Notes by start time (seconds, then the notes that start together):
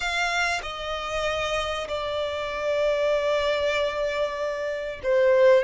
0.00 F5
0.62 D#5
1.88 D5
5.03 C5